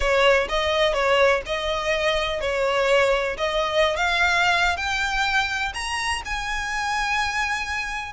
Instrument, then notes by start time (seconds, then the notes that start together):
violin
0.00 C#5
0.48 D#5
0.93 C#5
1.46 D#5
2.40 C#5
3.37 D#5
3.96 F5
4.76 G5
5.74 A#5
6.25 G#5